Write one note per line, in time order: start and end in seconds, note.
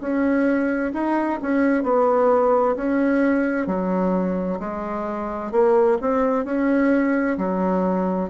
0.00 0.92 C#4
0.93 1.39 D#4
1.42 1.83 C#4
1.83 2.75 B3
2.76 3.67 C#4
3.67 4.59 F#3
4.59 5.51 G#3
5.51 5.97 A#3
6.01 6.45 C4
6.45 7.37 C#4
7.38 8.30 F#3